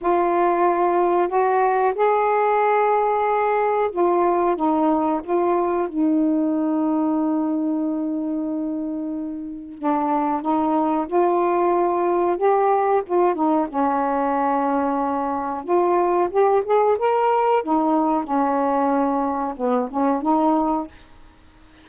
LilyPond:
\new Staff \with { instrumentName = "saxophone" } { \time 4/4 \tempo 4 = 92 f'2 fis'4 gis'4~ | gis'2 f'4 dis'4 | f'4 dis'2.~ | dis'2. d'4 |
dis'4 f'2 g'4 | f'8 dis'8 cis'2. | f'4 g'8 gis'8 ais'4 dis'4 | cis'2 b8 cis'8 dis'4 | }